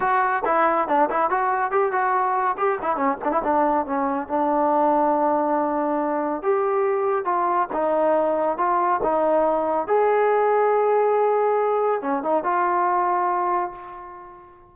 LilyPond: \new Staff \with { instrumentName = "trombone" } { \time 4/4 \tempo 4 = 140 fis'4 e'4 d'8 e'8 fis'4 | g'8 fis'4. g'8 e'8 cis'8 d'16 e'16 | d'4 cis'4 d'2~ | d'2. g'4~ |
g'4 f'4 dis'2 | f'4 dis'2 gis'4~ | gis'1 | cis'8 dis'8 f'2. | }